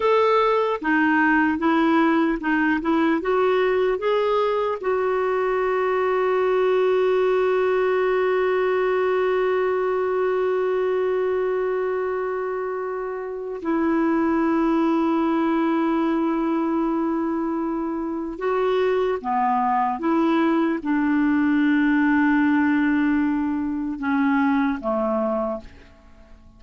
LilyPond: \new Staff \with { instrumentName = "clarinet" } { \time 4/4 \tempo 4 = 75 a'4 dis'4 e'4 dis'8 e'8 | fis'4 gis'4 fis'2~ | fis'1~ | fis'1~ |
fis'4 e'2.~ | e'2. fis'4 | b4 e'4 d'2~ | d'2 cis'4 a4 | }